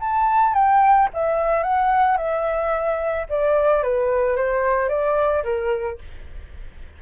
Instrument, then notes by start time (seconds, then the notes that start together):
flute
0.00 A5
0.54 G5
1.14 E5
1.63 F#5
2.17 E5
3.29 D5
3.83 B4
4.36 C5
4.89 D5
5.44 A#4